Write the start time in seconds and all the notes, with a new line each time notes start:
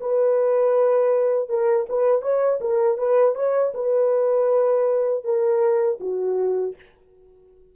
0.00 B4
1.48 A#4
1.89 B4
2.21 C#5
2.60 A#4
2.97 B4
3.35 C#5
3.74 B4
5.24 A#4
6.00 F#4